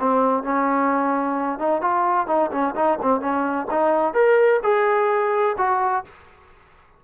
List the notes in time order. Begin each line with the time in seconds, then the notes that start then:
0.00 C4
0.44 C#4
1.59 D#4
1.81 F4
2.27 D#4
2.52 C#4
2.76 D#4
3.02 C4
3.21 C#4
3.71 D#4
4.14 A#4
4.63 G#4
5.58 F#4